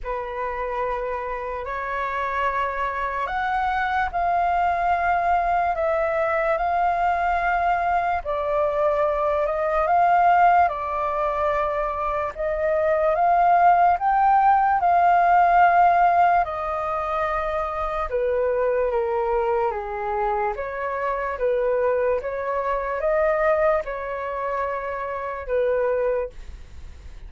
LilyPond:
\new Staff \with { instrumentName = "flute" } { \time 4/4 \tempo 4 = 73 b'2 cis''2 | fis''4 f''2 e''4 | f''2 d''4. dis''8 | f''4 d''2 dis''4 |
f''4 g''4 f''2 | dis''2 b'4 ais'4 | gis'4 cis''4 b'4 cis''4 | dis''4 cis''2 b'4 | }